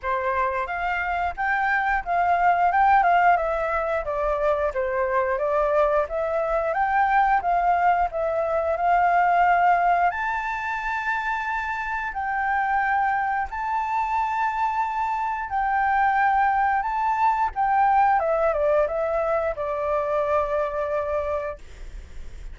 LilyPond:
\new Staff \with { instrumentName = "flute" } { \time 4/4 \tempo 4 = 89 c''4 f''4 g''4 f''4 | g''8 f''8 e''4 d''4 c''4 | d''4 e''4 g''4 f''4 | e''4 f''2 a''4~ |
a''2 g''2 | a''2. g''4~ | g''4 a''4 g''4 e''8 d''8 | e''4 d''2. | }